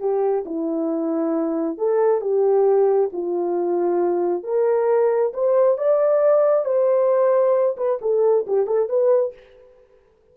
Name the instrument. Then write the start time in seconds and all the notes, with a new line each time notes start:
horn
0.00 G4
0.45 E4
1.78 A4
2.21 G4
3.13 F4
4.44 A#4
5.34 C5
5.78 D5
6.65 C5
7.77 B4
8.01 A4
8.47 G4
8.67 A4
8.89 B4